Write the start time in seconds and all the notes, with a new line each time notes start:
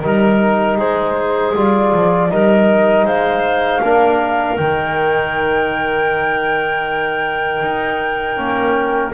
0.00 G3 D#4 A#4
0.78 G#3 G#4 C5
1.56 G3 F4 D5
1.94 F3
2.30 G3 D#4 A#4 D#5
3.04 G#3 C5 F5
3.83 A#3 D4 A#4
4.58 D#3 D#4 G5
7.62 D#4
8.37 A#3 C#4